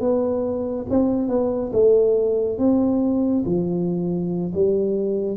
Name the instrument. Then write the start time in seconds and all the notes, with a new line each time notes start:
tuba
0.00 B3
0.90 C4
1.29 B3
1.73 A3
2.58 C4
3.45 F3
4.54 G3